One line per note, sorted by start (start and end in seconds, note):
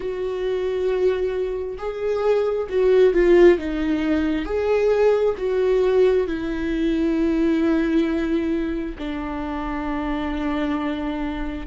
0.00 1.77 F#4
1.77 2.67 G#4
2.69 3.13 F#4
3.13 3.58 F4
3.58 4.45 D#4
4.45 5.34 G#4
5.37 6.27 F#4
6.27 8.96 E4
8.98 11.66 D4